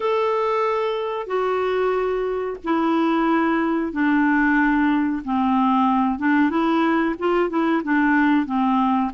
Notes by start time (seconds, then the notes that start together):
0.00 A4
1.27 F#4
2.64 E4
3.92 D4
5.24 C4
6.18 D4
6.50 E4
7.18 F4
7.49 E4
7.83 D4
8.45 C4